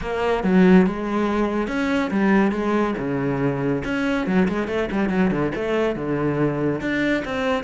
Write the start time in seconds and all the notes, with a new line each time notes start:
0.01 A#3
0.43 F#3
0.86 G#3
1.67 C#4
2.11 G3
2.51 G#3
2.98 C#3
3.84 C#4
4.26 F#3
4.48 G#3
4.67 A3
4.91 G3
5.09 F#3
5.31 D3
5.55 A3
5.95 D3
6.80 D4
7.25 C4